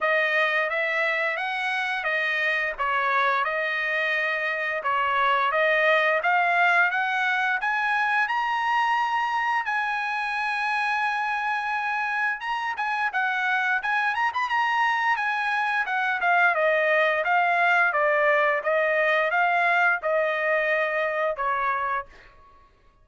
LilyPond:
\new Staff \with { instrumentName = "trumpet" } { \time 4/4 \tempo 4 = 87 dis''4 e''4 fis''4 dis''4 | cis''4 dis''2 cis''4 | dis''4 f''4 fis''4 gis''4 | ais''2 gis''2~ |
gis''2 ais''8 gis''8 fis''4 | gis''8 ais''16 b''16 ais''4 gis''4 fis''8 f''8 | dis''4 f''4 d''4 dis''4 | f''4 dis''2 cis''4 | }